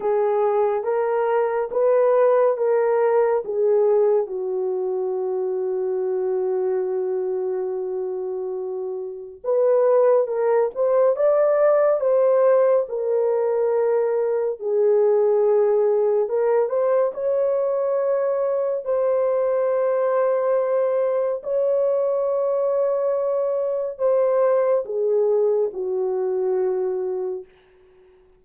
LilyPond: \new Staff \with { instrumentName = "horn" } { \time 4/4 \tempo 4 = 70 gis'4 ais'4 b'4 ais'4 | gis'4 fis'2.~ | fis'2. b'4 | ais'8 c''8 d''4 c''4 ais'4~ |
ais'4 gis'2 ais'8 c''8 | cis''2 c''2~ | c''4 cis''2. | c''4 gis'4 fis'2 | }